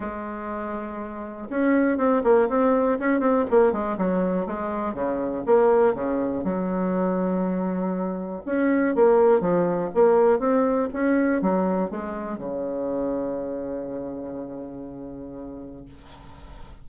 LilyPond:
\new Staff \with { instrumentName = "bassoon" } { \time 4/4 \tempo 4 = 121 gis2. cis'4 | c'8 ais8 c'4 cis'8 c'8 ais8 gis8 | fis4 gis4 cis4 ais4 | cis4 fis2.~ |
fis4 cis'4 ais4 f4 | ais4 c'4 cis'4 fis4 | gis4 cis2.~ | cis1 | }